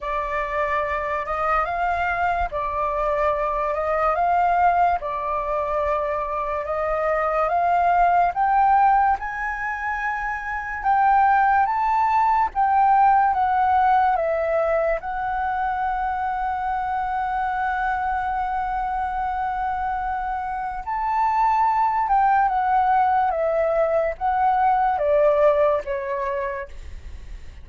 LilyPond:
\new Staff \with { instrumentName = "flute" } { \time 4/4 \tempo 4 = 72 d''4. dis''8 f''4 d''4~ | d''8 dis''8 f''4 d''2 | dis''4 f''4 g''4 gis''4~ | gis''4 g''4 a''4 g''4 |
fis''4 e''4 fis''2~ | fis''1~ | fis''4 a''4. g''8 fis''4 | e''4 fis''4 d''4 cis''4 | }